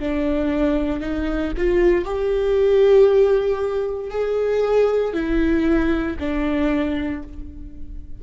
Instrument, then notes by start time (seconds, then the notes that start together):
viola
0.00 D4
1.01 D#4
1.58 F4
2.05 G4
4.11 G#4
5.13 E4
6.20 D4